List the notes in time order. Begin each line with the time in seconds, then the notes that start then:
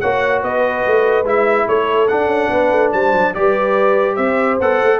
0.00 A#3 F#4 C#5 F#5
0.42 B3 B4 D#5
0.86 A3
1.24 G#3 E4 E5
1.68 A3 A4 C#5
2.08 D4 F#5
2.26 C#4
2.49 B3 B4
2.71 A3
2.92 G3 C5 A5
3.13 F#3
3.34 G3 G4 B4 D5
4.15 C4 C5 E5
4.60 B3 A4 F#5
4.83 A3